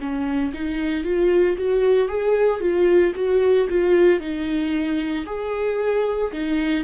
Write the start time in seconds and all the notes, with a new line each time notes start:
0.00 C#4
0.54 D#4
1.04 F4
1.58 F#4
2.09 G#4
2.61 F4
3.15 F#4
3.69 F4
4.20 D#4
5.26 G#4
6.33 D#4